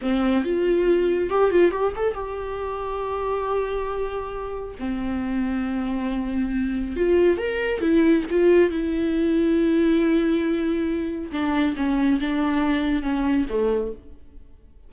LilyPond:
\new Staff \with { instrumentName = "viola" } { \time 4/4 \tempo 4 = 138 c'4 f'2 g'8 f'8 | g'8 a'8 g'2.~ | g'2. c'4~ | c'1 |
f'4 ais'4 e'4 f'4 | e'1~ | e'2 d'4 cis'4 | d'2 cis'4 a4 | }